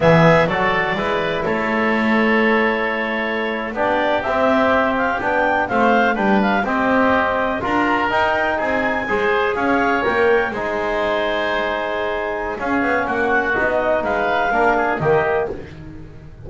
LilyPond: <<
  \new Staff \with { instrumentName = "clarinet" } { \time 4/4 \tempo 4 = 124 e''4 d''2 cis''4~ | cis''2.~ cis''8. d''16~ | d''8. e''4. f''8 g''4 f''16~ | f''8. g''8 f''8 dis''2 ais''16~ |
ais''8. g''4 gis''2 f''16~ | f''8. g''4 gis''2~ gis''16~ | gis''2 f''4 fis''4 | dis''4 f''2 dis''4 | }
  \new Staff \with { instrumentName = "oboe" } { \time 4/4 gis'4 a'4 b'4 a'4~ | a'2.~ a'8. g'16~ | g'2.~ g'8. c''16~ | c''8. b'4 g'2 ais'16~ |
ais'4.~ ais'16 gis'4 c''4 cis''16~ | cis''4.~ cis''16 c''2~ c''16~ | c''2 gis'4 fis'4~ | fis'4 b'4 ais'8 gis'8 g'4 | }
  \new Staff \with { instrumentName = "trombone" } { \time 4/4 b4 fis'4 e'2~ | e'2.~ e'8. d'16~ | d'8. c'2 d'4 c'16~ | c'8. d'4 c'2 f'16~ |
f'8. dis'2 gis'4~ gis'16~ | gis'8. ais'4 dis'2~ dis'16~ | dis'2 cis'2 | dis'2 d'4 ais4 | }
  \new Staff \with { instrumentName = "double bass" } { \time 4/4 e4 fis4 gis4 a4~ | a2.~ a8. b16~ | b8. c'2 b4 a16~ | a8. g4 c'2 d'16~ |
d'8. dis'4 c'4 gis4 cis'16~ | cis'8. ais4 gis2~ gis16~ | gis2 cis'8 b8 ais4 | b4 gis4 ais4 dis4 | }
>>